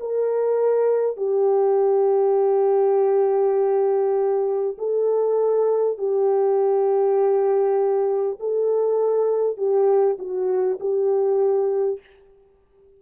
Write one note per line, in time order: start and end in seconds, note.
0.00 1.17 A#4
1.17 4.77 G4
4.78 5.98 A4
5.98 8.38 G4
8.39 9.57 A4
9.57 10.17 G4
10.18 10.78 F#4
10.80 12.00 G4